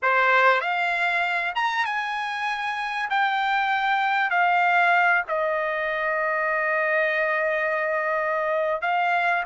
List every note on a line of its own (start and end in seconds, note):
0.02 0.60 C5
0.60 1.53 F5
1.55 1.85 A#5
1.85 3.09 G#5
3.10 4.30 G5
4.30 5.23 F5
5.28 8.81 D#5
8.81 9.43 F5